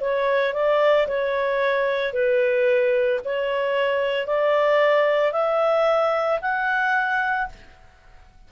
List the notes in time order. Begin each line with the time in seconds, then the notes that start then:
0.00 C#5
0.54 D5
1.07 C#5
2.13 B4
3.24 C#5
4.27 D5
5.32 E5
6.41 F#5